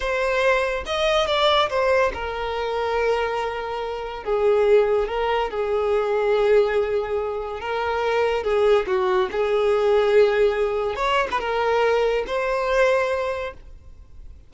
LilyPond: \new Staff \with { instrumentName = "violin" } { \time 4/4 \tempo 4 = 142 c''2 dis''4 d''4 | c''4 ais'2.~ | ais'2 gis'2 | ais'4 gis'2.~ |
gis'2 ais'2 | gis'4 fis'4 gis'2~ | gis'2 cis''8. b'16 ais'4~ | ais'4 c''2. | }